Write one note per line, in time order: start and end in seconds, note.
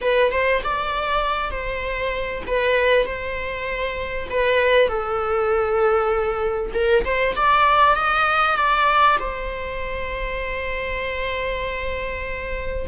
0.01 0.31 B4
0.31 0.62 C5
0.63 1.51 D5
1.51 2.42 C5
2.46 3.06 B4
3.06 4.28 C5
4.30 4.88 B4
4.88 6.72 A4
6.73 7.04 A#4
7.04 7.35 C5
7.35 7.95 D5
7.95 8.56 D#5
8.56 9.17 D5
9.19 12.86 C5